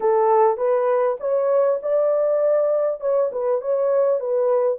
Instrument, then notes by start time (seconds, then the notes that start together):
horn
0.00 A4
0.57 B4
1.19 C#5
1.82 D5
3.00 C#5
3.32 B4
3.61 C#5
4.20 B4